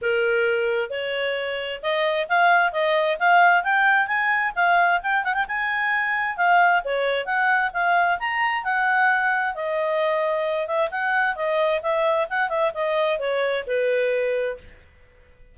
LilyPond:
\new Staff \with { instrumentName = "clarinet" } { \time 4/4 \tempo 4 = 132 ais'2 cis''2 | dis''4 f''4 dis''4 f''4 | g''4 gis''4 f''4 g''8 fis''16 g''16 | gis''2 f''4 cis''4 |
fis''4 f''4 ais''4 fis''4~ | fis''4 dis''2~ dis''8 e''8 | fis''4 dis''4 e''4 fis''8 e''8 | dis''4 cis''4 b'2 | }